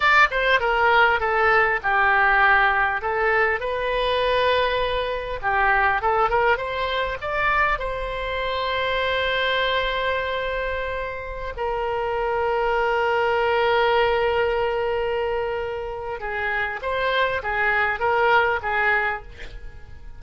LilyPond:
\new Staff \with { instrumentName = "oboe" } { \time 4/4 \tempo 4 = 100 d''8 c''8 ais'4 a'4 g'4~ | g'4 a'4 b'2~ | b'4 g'4 a'8 ais'8 c''4 | d''4 c''2.~ |
c''2.~ c''16 ais'8.~ | ais'1~ | ais'2. gis'4 | c''4 gis'4 ais'4 gis'4 | }